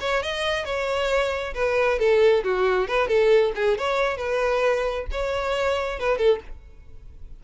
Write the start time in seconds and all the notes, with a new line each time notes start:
0.00 C#5
0.22 D#5
0.65 C#5
1.54 B4
1.99 A4
2.44 F#4
2.88 B4
3.08 A4
3.55 G#4
3.78 C#5
4.17 B4
5.11 C#5
5.99 B4
6.18 A4